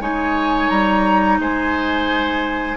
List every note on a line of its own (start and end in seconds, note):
0.00 0.69 G#3
0.00 2.78 D#4
0.00 1.39 C#5
0.00 0.70 G#5
0.70 1.39 G3
0.70 1.39 A#5
1.39 2.77 G#3
1.39 2.78 C5
1.39 2.78 G#5